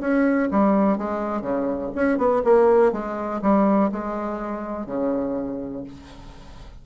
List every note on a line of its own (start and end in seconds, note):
0.00 0.49 C#4
0.51 0.98 G3
0.98 1.41 G#3
1.41 1.90 C#3
1.94 2.17 C#4
2.17 2.42 B3
2.44 2.92 A#3
2.92 3.41 G#3
3.41 3.90 G3
3.91 4.86 G#3
4.86 5.83 C#3